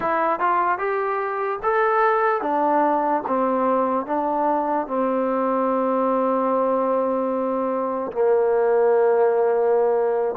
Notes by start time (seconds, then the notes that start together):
0.00 E4
0.39 F4
0.78 G4
1.63 A4
2.41 D4
3.27 C4
4.06 D4
4.87 C4
8.12 A#3